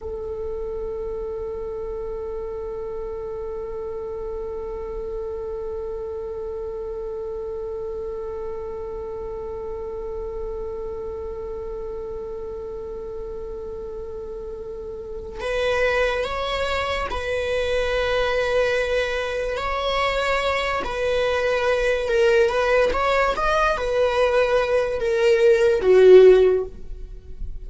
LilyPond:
\new Staff \with { instrumentName = "viola" } { \time 4/4 \tempo 4 = 72 a'1~ | a'1~ | a'1~ | a'1~ |
a'2~ a'8 b'4 cis''8~ | cis''8 b'2. cis''8~ | cis''4 b'4. ais'8 b'8 cis''8 | dis''8 b'4. ais'4 fis'4 | }